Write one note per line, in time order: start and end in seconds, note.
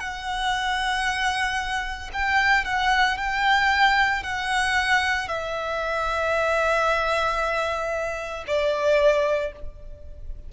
0.00 2.11 F#5
2.13 2.65 G5
2.65 3.18 F#5
3.18 4.23 G5
4.23 5.29 F#5
5.29 8.44 E5
8.47 9.53 D5